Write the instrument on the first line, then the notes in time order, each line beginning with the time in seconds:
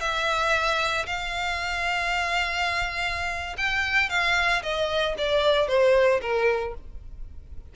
violin
0.00 E5
1.06 F5
3.57 G5
4.09 F5
4.62 D#5
5.17 D5
5.67 C5
6.21 A#4